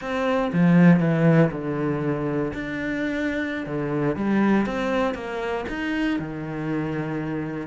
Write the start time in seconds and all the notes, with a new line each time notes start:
0.01 C4
0.52 F3
1.00 E3
1.51 D3
2.53 D4
3.66 D3
4.16 G3
4.66 C4
5.14 A#3
5.69 D#4
6.19 D#3